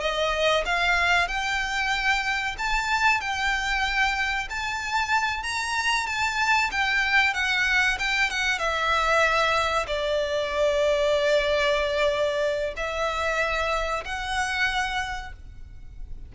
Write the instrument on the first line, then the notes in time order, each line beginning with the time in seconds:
violin
0.00 D#5
0.65 F5
1.28 G5
2.58 A5
3.20 G5
4.50 A5
5.43 A#5
6.06 A5
6.71 G5
7.33 F#5
7.99 G5
8.30 F#5
8.58 E5
9.86 D5
12.76 E5
14.05 F#5